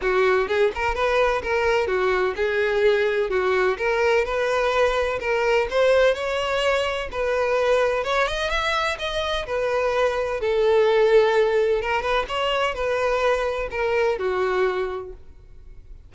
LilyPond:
\new Staff \with { instrumentName = "violin" } { \time 4/4 \tempo 4 = 127 fis'4 gis'8 ais'8 b'4 ais'4 | fis'4 gis'2 fis'4 | ais'4 b'2 ais'4 | c''4 cis''2 b'4~ |
b'4 cis''8 dis''8 e''4 dis''4 | b'2 a'2~ | a'4 ais'8 b'8 cis''4 b'4~ | b'4 ais'4 fis'2 | }